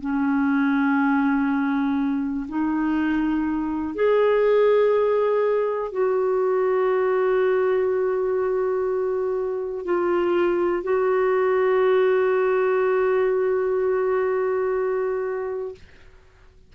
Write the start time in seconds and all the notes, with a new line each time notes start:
0.00 C#4
2.49 D#4
3.95 G#4
5.92 F#4
9.85 F4
10.83 F#4